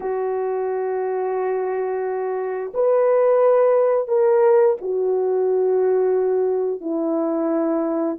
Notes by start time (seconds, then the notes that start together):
0.00 F#4
2.74 B4
4.08 A#4
4.81 F#4
6.81 E4